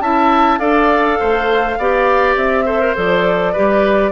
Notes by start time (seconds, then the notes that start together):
0.00 C#4 E4 E5 A5
0.58 D4 A4 D5 F5
1.19 A3 C5
1.78 B3 G4 D5
2.35 C4 E5
2.64 A4 C5
2.80 A#4
2.95 F3 A4 D5
3.52 G3 G4 B4